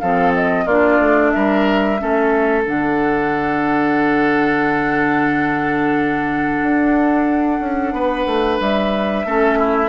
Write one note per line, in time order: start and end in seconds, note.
0.00 0.66 F3
0.00 0.68 C4
0.00 0.65 A4
0.00 0.33 F5
0.35 0.68 D#5
0.65 0.99 A#3
0.65 1.98 D4
0.65 1.31 F4
0.65 1.31 D5
1.00 1.33 A3
1.31 2.02 G3
1.31 2.01 A#4
1.31 2.63 E5
1.98 2.67 A3
1.98 2.64 C#4
1.98 7.95 A4
2.66 6.63 D3
2.66 9.25 D4
2.66 8.61 F#5
6.63 7.61 D4
7.61 7.93 C#4
7.93 8.26 B3
7.93 9.26 B4
8.26 8.59 A3
8.60 9.25 G3
8.60 9.89 E5
9.25 9.89 A3
9.25 9.89 C#4
9.25 9.59 A4
9.59 9.89 E4